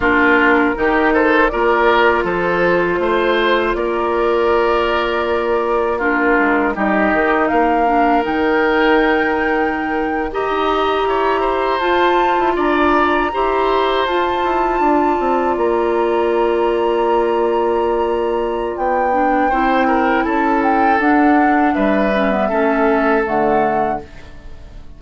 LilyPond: <<
  \new Staff \with { instrumentName = "flute" } { \time 4/4 \tempo 4 = 80 ais'4. c''8 d''4 c''4~ | c''4 d''2. | ais'4 dis''4 f''4 g''4~ | g''4.~ g''16 ais''2 a''16~ |
a''8. ais''2 a''4~ a''16~ | a''8. ais''2.~ ais''16~ | ais''4 g''2 a''8 g''8 | fis''4 e''2 fis''4 | }
  \new Staff \with { instrumentName = "oboe" } { \time 4/4 f'4 g'8 a'8 ais'4 a'4 | c''4 ais'2. | f'4 g'4 ais'2~ | ais'4.~ ais'16 dis''4 cis''8 c''8.~ |
c''8. d''4 c''2 d''16~ | d''1~ | d''2 c''8 ais'8 a'4~ | a'4 b'4 a'2 | }
  \new Staff \with { instrumentName = "clarinet" } { \time 4/4 d'4 dis'4 f'2~ | f'1 | d'4 dis'4. d'8 dis'4~ | dis'4.~ dis'16 g'2 f'16~ |
f'4.~ f'16 g'4 f'4~ f'16~ | f'1~ | f'4. d'8 e'2 | d'4. cis'16 b16 cis'4 a4 | }
  \new Staff \with { instrumentName = "bassoon" } { \time 4/4 ais4 dis4 ais4 f4 | a4 ais2.~ | ais8 gis8 g8 dis8 ais4 dis4~ | dis2 dis'8. e'4 f'16~ |
f'8 e'16 d'4 e'4 f'8 e'8 d'16~ | d'16 c'8 ais2.~ ais16~ | ais4 b4 c'4 cis'4 | d'4 g4 a4 d4 | }
>>